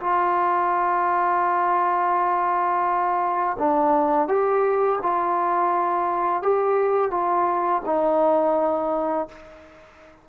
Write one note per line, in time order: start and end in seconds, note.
0.00 3.57 F4
3.59 4.28 D4
4.28 4.99 G4
5.02 6.42 F4
6.42 7.10 G4
7.10 7.82 F4
7.85 9.28 D#4